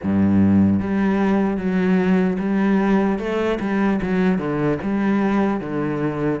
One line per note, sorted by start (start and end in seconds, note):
0.03 0.80 G2
0.80 1.57 G3
1.57 2.37 F#3
2.39 3.19 G3
3.19 3.59 A3
3.60 4.00 G3
4.01 4.38 F#3
4.38 4.78 D3
4.82 5.60 G3
5.60 6.40 D3